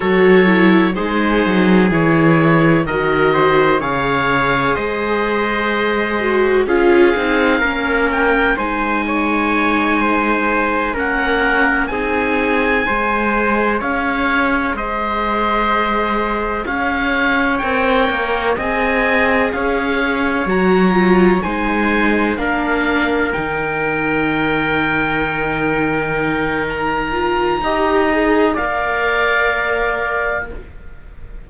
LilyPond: <<
  \new Staff \with { instrumentName = "oboe" } { \time 4/4 \tempo 4 = 63 cis''4 c''4 cis''4 dis''4 | f''4 dis''2 f''4~ | f''8 g''8 gis''2~ gis''8 fis''8~ | fis''8 gis''2 f''4 dis''8~ |
dis''4. f''4 g''4 gis''8~ | gis''8 f''4 ais''4 gis''4 f''8~ | f''8 g''2.~ g''8 | ais''2 f''2 | }
  \new Staff \with { instrumentName = "trumpet" } { \time 4/4 a'4 gis'2 ais'8 c''8 | cis''4 c''2 gis'4 | ais'4 c''8 cis''4 c''4 ais'8~ | ais'8 gis'4 c''4 cis''4 c''8~ |
c''4. cis''2 dis''8~ | dis''8 cis''2 c''4 ais'8~ | ais'1~ | ais'4 dis''4 d''2 | }
  \new Staff \with { instrumentName = "viola" } { \time 4/4 fis'8 e'8 dis'4 e'4 fis'4 | gis'2~ gis'8 fis'8 f'8 dis'8 | cis'4 dis'2~ dis'8 cis'8~ | cis'8 dis'4 gis'2~ gis'8~ |
gis'2~ gis'8 ais'4 gis'8~ | gis'4. fis'8 f'8 dis'4 d'8~ | d'8 dis'2.~ dis'8~ | dis'8 f'8 g'8 gis'8 ais'2 | }
  \new Staff \with { instrumentName = "cello" } { \time 4/4 fis4 gis8 fis8 e4 dis4 | cis4 gis2 cis'8 c'8 | ais4 gis2~ gis8 ais8~ | ais8 c'4 gis4 cis'4 gis8~ |
gis4. cis'4 c'8 ais8 c'8~ | c'8 cis'4 fis4 gis4 ais8~ | ais8 dis2.~ dis8~ | dis4 dis'4 ais2 | }
>>